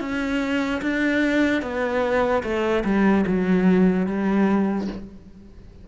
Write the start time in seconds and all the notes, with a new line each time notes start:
0.00 C#4
0.81 D4
1.62 B3
2.43 A3
2.84 G3
3.27 F#3
4.06 G3